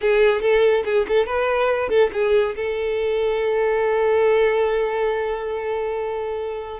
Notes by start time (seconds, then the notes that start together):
0.01 G#4
0.41 A4
0.85 G#4
1.08 A4
1.26 B4
1.89 A4
2.12 G#4
2.55 A4